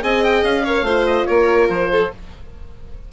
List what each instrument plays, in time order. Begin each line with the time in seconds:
0.00 bassoon C4, horn G#4, violin D#5, oboe G#5
0.24 oboe G5
0.43 bassoon C#4, oboe F5
0.64 horn A#4, violin C#5
0.82 bassoon A3, horn F4, violin C5
1.06 oboe D#5
1.26 bassoon A#3, violin A#4, oboe C#5
1.69 bassoon F3, oboe C5
1.91 violin A4